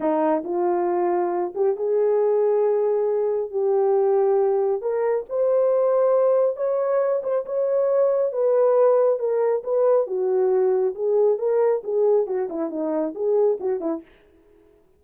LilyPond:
\new Staff \with { instrumentName = "horn" } { \time 4/4 \tempo 4 = 137 dis'4 f'2~ f'8 g'8 | gis'1 | g'2. ais'4 | c''2. cis''4~ |
cis''8 c''8 cis''2 b'4~ | b'4 ais'4 b'4 fis'4~ | fis'4 gis'4 ais'4 gis'4 | fis'8 e'8 dis'4 gis'4 fis'8 e'8 | }